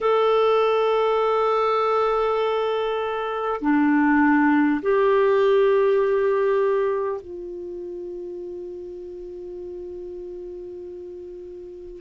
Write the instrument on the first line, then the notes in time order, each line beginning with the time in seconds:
clarinet
0.00 A4
3.61 D4
4.82 G4
7.21 F4